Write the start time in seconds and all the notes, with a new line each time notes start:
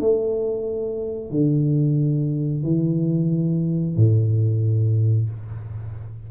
0.00 A3
1.30 D3
2.63 E3
3.96 A2